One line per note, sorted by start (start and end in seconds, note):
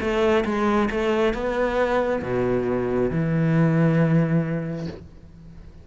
0.00 0.44 A3
0.45 0.89 G#3
0.91 1.34 A3
1.34 2.22 B3
2.22 3.10 B2
3.10 4.87 E3